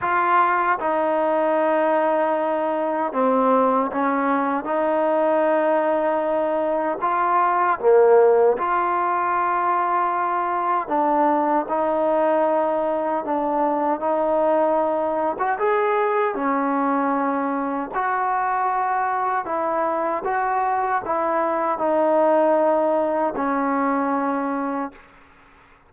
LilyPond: \new Staff \with { instrumentName = "trombone" } { \time 4/4 \tempo 4 = 77 f'4 dis'2. | c'4 cis'4 dis'2~ | dis'4 f'4 ais4 f'4~ | f'2 d'4 dis'4~ |
dis'4 d'4 dis'4.~ dis'16 fis'16 | gis'4 cis'2 fis'4~ | fis'4 e'4 fis'4 e'4 | dis'2 cis'2 | }